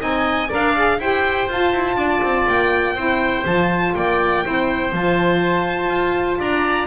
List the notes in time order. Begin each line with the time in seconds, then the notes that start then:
0.00 C4 D#4 D#5 G#5
0.48 D4 A#4 D5 F5
0.76 G#4
0.98 E4 G4 C5 G5
1.49 F4 A5
1.73 E4
1.96 D4 D5
2.23 C4
2.48 A#3 G5
2.95 C4 E4 C5
3.46 F3 F4 A5
3.95 A#3 D5 G5
4.44 C4 E4 C5
4.93 F3 F4 A5
5.90 F4
6.39 D4 D5 A#5